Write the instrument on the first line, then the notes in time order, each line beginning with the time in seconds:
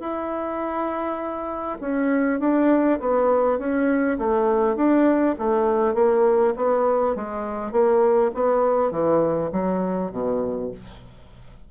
bassoon
0.00 E4
1.81 C#4
2.40 D4
3.00 B3
3.59 C#4
4.19 A3
4.76 D4
5.39 A3
5.95 A#3
6.56 B3
7.16 G#3
7.72 A#3
8.34 B3
8.91 E3
9.52 F#3
10.12 B2